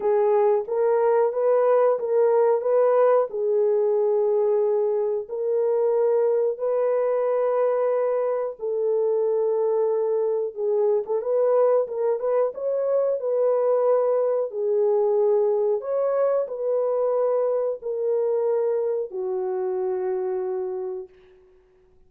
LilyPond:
\new Staff \with { instrumentName = "horn" } { \time 4/4 \tempo 4 = 91 gis'4 ais'4 b'4 ais'4 | b'4 gis'2. | ais'2 b'2~ | b'4 a'2. |
gis'8. a'16 b'4 ais'8 b'8 cis''4 | b'2 gis'2 | cis''4 b'2 ais'4~ | ais'4 fis'2. | }